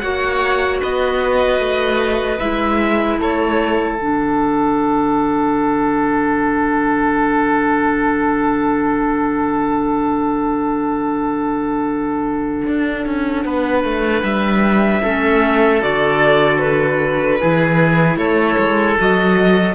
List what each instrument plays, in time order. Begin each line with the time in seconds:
0.00 cello A#3, clarinet F#4, oboe C#5, violin F#5
0.81 cello B3, oboe B4, violin D#5
1.60 cello A3
2.39 cello G#3, clarinet E4, violin E5
3.19 cello A3, oboe A4, violin C#5
3.97 cello D3, clarinet D4, violin F#5
12.67 cello D4
13.06 cello C#4
13.45 cello B3, oboe B4
13.84 cello A3
14.23 cello G3, violin E5
15.03 cello A3, clarinet C#4, oboe A4
15.81 cello D3, clarinet F#4, violin D5
16.59 violin B4
17.40 cello E3, clarinet E4, oboe G#4
18.17 cello A3, oboe A4, violin C#5
18.59 cello G#3
18.98 cello F#3, clarinet F#4, violin D#5